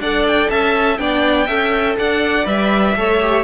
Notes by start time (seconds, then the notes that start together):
0.00 D4 A4 D5 F#5
0.27 G5
0.50 C#4 E5 A5
0.98 B3 D4 D5 G5
1.47 C#4 A4 E5
1.99 D4 D5 F#5
2.44 G3 B4 E5
2.96 A3 A4 C#5
3.21 G4